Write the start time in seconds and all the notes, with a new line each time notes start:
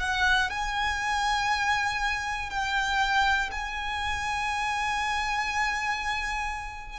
0.00 F#5
0.50 G#5
2.50 G5
3.51 G#5